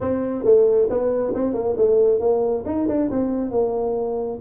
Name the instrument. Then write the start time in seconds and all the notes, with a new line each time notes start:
tuba
0.00 C4
0.44 A3
0.89 B3
1.34 C4
1.53 A#3
1.77 A3
2.19 A#3
2.65 D#4
2.88 D4
3.10 C4
3.51 A#3